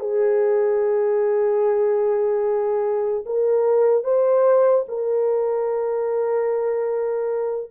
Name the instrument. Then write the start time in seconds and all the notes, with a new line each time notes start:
horn
0.00 G#4
3.26 A#4
4.04 C5
4.88 A#4